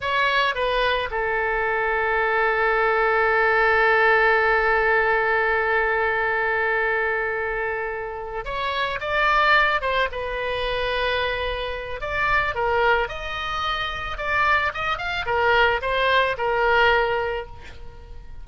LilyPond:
\new Staff \with { instrumentName = "oboe" } { \time 4/4 \tempo 4 = 110 cis''4 b'4 a'2~ | a'1~ | a'1~ | a'2.~ a'8 cis''8~ |
cis''8 d''4. c''8 b'4.~ | b'2 d''4 ais'4 | dis''2 d''4 dis''8 f''8 | ais'4 c''4 ais'2 | }